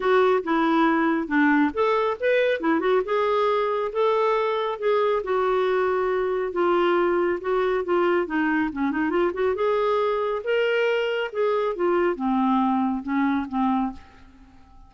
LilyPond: \new Staff \with { instrumentName = "clarinet" } { \time 4/4 \tempo 4 = 138 fis'4 e'2 d'4 | a'4 b'4 e'8 fis'8 gis'4~ | gis'4 a'2 gis'4 | fis'2. f'4~ |
f'4 fis'4 f'4 dis'4 | cis'8 dis'8 f'8 fis'8 gis'2 | ais'2 gis'4 f'4 | c'2 cis'4 c'4 | }